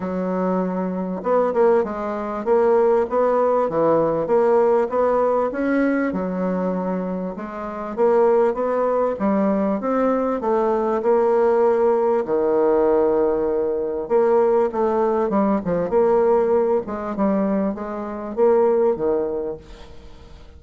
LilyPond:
\new Staff \with { instrumentName = "bassoon" } { \time 4/4 \tempo 4 = 98 fis2 b8 ais8 gis4 | ais4 b4 e4 ais4 | b4 cis'4 fis2 | gis4 ais4 b4 g4 |
c'4 a4 ais2 | dis2. ais4 | a4 g8 f8 ais4. gis8 | g4 gis4 ais4 dis4 | }